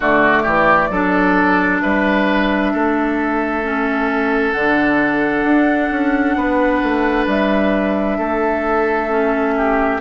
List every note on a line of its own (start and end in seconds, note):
0.00 0.45 D3
0.00 0.92 A3
0.00 0.42 F#4
0.00 1.80 D5
0.42 0.89 E3
0.42 0.88 G4
0.89 1.80 F#3
0.89 3.63 D4
0.89 1.82 A4
1.80 2.73 G3
1.80 2.73 B4
1.80 4.52 E5
2.73 4.54 A3
2.73 6.36 A4
3.63 4.54 C#4
4.52 5.44 D3
4.52 9.09 D4
4.52 7.24 F#5
5.44 5.89 D4
5.90 6.35 C#4
6.35 6.81 B3
6.35 8.17 B4
6.83 7.27 A3
7.27 8.17 G3
7.27 10.01 E5
8.17 10.00 A3
8.17 9.54 A4
9.09 10.00 C#4
9.56 10.01 G4